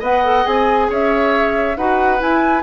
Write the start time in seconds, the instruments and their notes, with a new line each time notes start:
0.00 bassoon B3, clarinet B4, oboe D#5, flute F#5
0.25 clarinet A4
0.45 bassoon C4, clarinet G#4, flute G#5
0.90 bassoon C#4, oboe C#5, flute E5
1.77 bassoon D#4, clarinet F#4, oboe B4, flute F#5
2.18 clarinet E4, bassoon E4, flute G#5